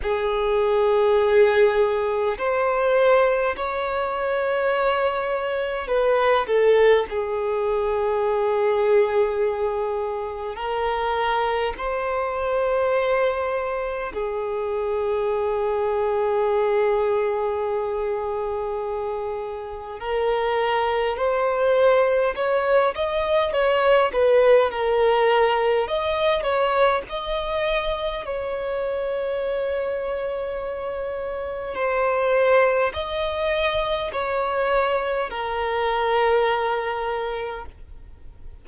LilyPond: \new Staff \with { instrumentName = "violin" } { \time 4/4 \tempo 4 = 51 gis'2 c''4 cis''4~ | cis''4 b'8 a'8 gis'2~ | gis'4 ais'4 c''2 | gis'1~ |
gis'4 ais'4 c''4 cis''8 dis''8 | cis''8 b'8 ais'4 dis''8 cis''8 dis''4 | cis''2. c''4 | dis''4 cis''4 ais'2 | }